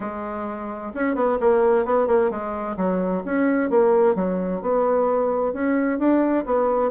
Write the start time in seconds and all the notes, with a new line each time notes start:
0.00 G#3
0.93 C#4
1.15 B3
1.40 A#3
1.85 B3
2.07 A#3
2.30 G#3
2.77 F#3
3.25 C#4
3.69 A#3
4.15 F#3
4.61 B3
5.53 C#4
5.98 D4
6.45 B3